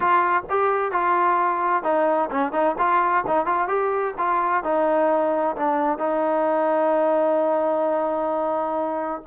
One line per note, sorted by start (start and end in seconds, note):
0.00 0.43 F4
0.49 0.91 G4
0.91 1.83 F4
1.83 2.29 D#4
2.30 2.52 C#4
2.52 2.75 D#4
2.78 3.24 F4
3.27 3.46 D#4
3.46 3.68 F4
3.68 4.14 G4
4.18 4.63 F4
4.63 5.56 D#4
5.56 5.98 D4
5.98 9.21 D#4